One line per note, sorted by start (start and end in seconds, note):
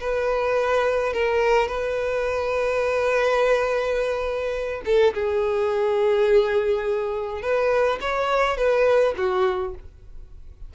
0.00 1.13 B4
1.13 1.68 A#4
1.68 4.82 B4
4.85 5.14 A4
5.14 7.42 G#4
7.42 7.99 B4
8.01 8.57 C#5
8.57 9.14 B4
9.17 9.74 F#4